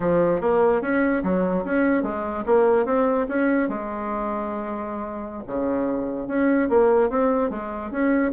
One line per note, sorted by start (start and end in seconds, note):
0.00 0.40 F3
0.40 0.81 A#3
0.81 1.22 C#4
1.23 1.64 F#3
1.64 2.02 C#4
2.02 2.43 G#3
2.46 2.85 A#3
2.85 3.27 C4
3.28 3.68 C#4
3.68 5.43 G#3
5.46 6.27 C#3
6.27 6.68 C#4
6.69 7.09 A#3
7.09 7.50 C4
7.50 7.91 G#3
7.91 8.32 C#4